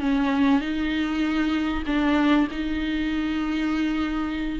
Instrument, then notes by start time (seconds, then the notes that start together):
viola
0.00 C#4
0.61 D#4
1.86 D4
2.51 D#4